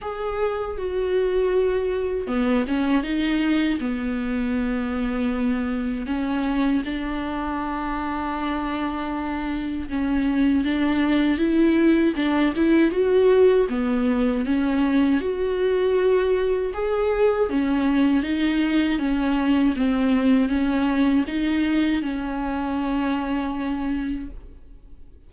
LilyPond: \new Staff \with { instrumentName = "viola" } { \time 4/4 \tempo 4 = 79 gis'4 fis'2 b8 cis'8 | dis'4 b2. | cis'4 d'2.~ | d'4 cis'4 d'4 e'4 |
d'8 e'8 fis'4 b4 cis'4 | fis'2 gis'4 cis'4 | dis'4 cis'4 c'4 cis'4 | dis'4 cis'2. | }